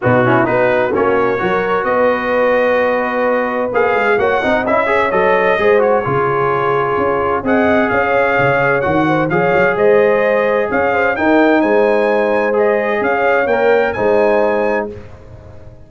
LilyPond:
<<
  \new Staff \with { instrumentName = "trumpet" } { \time 4/4 \tempo 4 = 129 fis'4 b'4 cis''2 | dis''1 | f''4 fis''4 e''4 dis''4~ | dis''8 cis''2.~ cis''8 |
fis''4 f''2 fis''4 | f''4 dis''2 f''4 | g''4 gis''2 dis''4 | f''4 g''4 gis''2 | }
  \new Staff \with { instrumentName = "horn" } { \time 4/4 dis'8 e'8 fis'2 ais'4 | b'1~ | b'4 cis''8 dis''4 cis''4. | c''4 gis'2. |
dis''4 cis''2~ cis''8 c''8 | cis''4 c''2 cis''8 c''8 | ais'4 c''2. | cis''2 c''2 | }
  \new Staff \with { instrumentName = "trombone" } { \time 4/4 b8 cis'8 dis'4 cis'4 fis'4~ | fis'1 | gis'4 fis'8 dis'8 e'8 gis'8 a'4 | gis'8 fis'8 f'2. |
gis'2. fis'4 | gis'1 | dis'2. gis'4~ | gis'4 ais'4 dis'2 | }
  \new Staff \with { instrumentName = "tuba" } { \time 4/4 b,4 b4 ais4 fis4 | b1 | ais8 gis8 ais8 c'8 cis'4 fis4 | gis4 cis2 cis'4 |
c'4 cis'4 cis4 dis4 | f8 fis8 gis2 cis'4 | dis'4 gis2. | cis'4 ais4 gis2 | }
>>